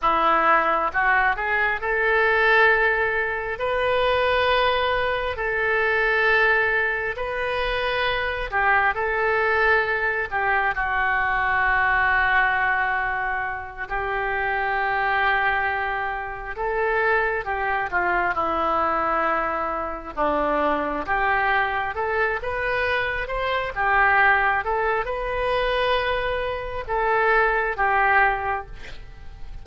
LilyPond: \new Staff \with { instrumentName = "oboe" } { \time 4/4 \tempo 4 = 67 e'4 fis'8 gis'8 a'2 | b'2 a'2 | b'4. g'8 a'4. g'8 | fis'2.~ fis'8 g'8~ |
g'2~ g'8 a'4 g'8 | f'8 e'2 d'4 g'8~ | g'8 a'8 b'4 c''8 g'4 a'8 | b'2 a'4 g'4 | }